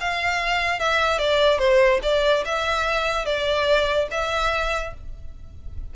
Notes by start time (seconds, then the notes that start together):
0.00 F5
0.80 E5
1.19 D5
1.59 C5
2.03 D5
2.45 E5
3.26 D5
4.11 E5